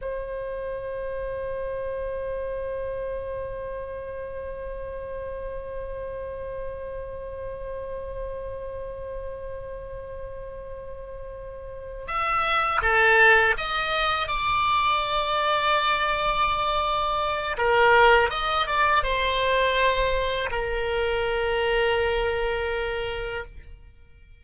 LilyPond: \new Staff \with { instrumentName = "oboe" } { \time 4/4 \tempo 4 = 82 c''1~ | c''1~ | c''1~ | c''1~ |
c''8 e''4 a'4 dis''4 d''8~ | d''1 | ais'4 dis''8 d''8 c''2 | ais'1 | }